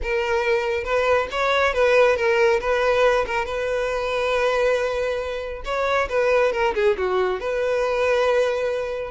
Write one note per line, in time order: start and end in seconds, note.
0.02 0.84 A#4
0.84 1.27 B4
1.31 1.73 C#5
1.73 2.16 B4
2.16 2.60 A#4
2.60 3.25 B4
3.26 3.45 A#4
3.45 5.62 B4
5.65 6.08 C#5
6.09 6.52 B4
6.52 6.74 A#4
6.75 6.96 G#4
6.97 7.40 F#4
7.40 9.11 B4